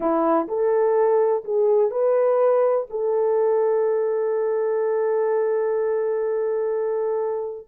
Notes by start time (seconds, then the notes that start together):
0.00 E4
0.48 A4
1.44 G#4
1.90 B4
2.90 A4